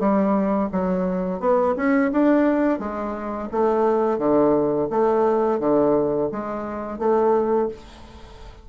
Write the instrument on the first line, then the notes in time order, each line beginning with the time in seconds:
bassoon
0.00 G3
0.72 F#3
1.40 B3
1.77 C#4
2.12 D4
2.79 G#3
3.52 A3
4.19 D3
4.91 A3
5.60 D3
6.32 G#3
6.99 A3